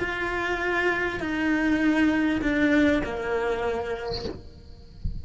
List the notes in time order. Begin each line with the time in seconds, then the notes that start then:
0.00 F4
1.20 D#4
2.42 D4
3.04 A#3